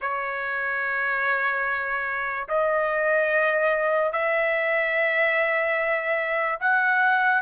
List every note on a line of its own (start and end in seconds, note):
0.01 2.47 C#5
2.48 4.12 D#5
4.12 6.58 E5
6.60 7.41 F#5